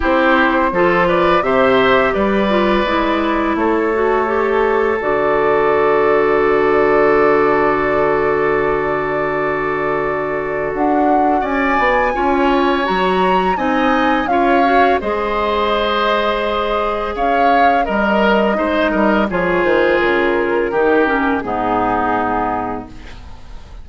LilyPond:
<<
  \new Staff \with { instrumentName = "flute" } { \time 4/4 \tempo 4 = 84 c''4. d''8 e''4 d''4~ | d''4 cis''2 d''4~ | d''1~ | d''2. fis''4 |
gis''2 ais''4 gis''4 | f''4 dis''2. | f''4 dis''2 cis''8 c''8 | ais'2 gis'2 | }
  \new Staff \with { instrumentName = "oboe" } { \time 4/4 g'4 a'8 b'8 c''4 b'4~ | b'4 a'2.~ | a'1~ | a'1 |
d''4 cis''2 dis''4 | cis''4 c''2. | cis''4 ais'4 c''8 ais'8 gis'4~ | gis'4 g'4 dis'2 | }
  \new Staff \with { instrumentName = "clarinet" } { \time 4/4 e'4 f'4 g'4. f'8 | e'4. fis'8 g'4 fis'4~ | fis'1~ | fis'1~ |
fis'4 f'4 fis'4 dis'4 | f'8 fis'8 gis'2.~ | gis'4 ais'4 dis'4 f'4~ | f'4 dis'8 cis'8 b2 | }
  \new Staff \with { instrumentName = "bassoon" } { \time 4/4 c'4 f4 c4 g4 | gis4 a2 d4~ | d1~ | d2. d'4 |
cis'8 b8 cis'4 fis4 c'4 | cis'4 gis2. | cis'4 g4 gis8 g8 f8 dis8 | cis4 dis4 gis,2 | }
>>